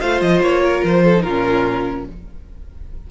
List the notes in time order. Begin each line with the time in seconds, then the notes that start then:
0.00 A3 F4 C5 F5
0.21 F3 D#5
0.41 A#3 C#5
0.62 A#4
0.84 F3 C5
1.04 A4
1.16 D#4 A#4
1.24 A#2 C#4 F4